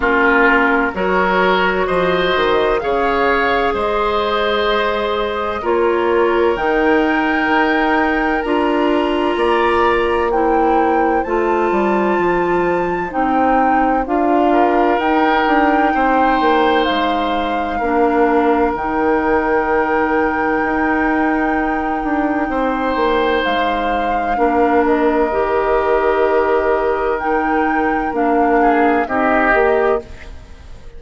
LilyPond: <<
  \new Staff \with { instrumentName = "flute" } { \time 4/4 \tempo 4 = 64 ais'4 cis''4 dis''4 f''4 | dis''2 cis''4 g''4~ | g''4 ais''2 g''4 | a''2 g''4 f''4 |
g''2 f''2 | g''1~ | g''4 f''4. dis''4.~ | dis''4 g''4 f''4 dis''4 | }
  \new Staff \with { instrumentName = "oboe" } { \time 4/4 f'4 ais'4 c''4 cis''4 | c''2 ais'2~ | ais'2 d''4 c''4~ | c''2.~ c''8 ais'8~ |
ais'4 c''2 ais'4~ | ais'1 | c''2 ais'2~ | ais'2~ ais'8 gis'8 g'4 | }
  \new Staff \with { instrumentName = "clarinet" } { \time 4/4 cis'4 fis'2 gis'4~ | gis'2 f'4 dis'4~ | dis'4 f'2 e'4 | f'2 dis'4 f'4 |
dis'2. d'4 | dis'1~ | dis'2 d'4 g'4~ | g'4 dis'4 d'4 dis'8 g'8 | }
  \new Staff \with { instrumentName = "bassoon" } { \time 4/4 ais4 fis4 f8 dis8 cis4 | gis2 ais4 dis4 | dis'4 d'4 ais2 | a8 g8 f4 c'4 d'4 |
dis'8 d'8 c'8 ais8 gis4 ais4 | dis2 dis'4. d'8 | c'8 ais8 gis4 ais4 dis4~ | dis2 ais4 c'8 ais8 | }
>>